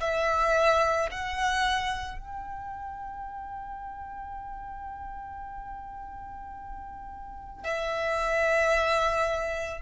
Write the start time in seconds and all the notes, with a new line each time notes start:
0.00 E5
1.12 F#5
2.19 G5
7.64 E5